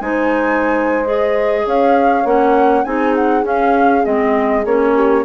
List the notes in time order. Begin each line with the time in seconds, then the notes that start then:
0.00 G#3 D#4 C5 G#5
1.04 G#4 D#5
1.65 C#4 C#5 F5
2.24 A#3 C#4 F#5
2.84 C4 D#4 G#4 G#5
3.15 F#5
3.43 C#4 F5
4.03 G#3 C4 D#5
4.65 A#3 C#4 C#5
4.94 G4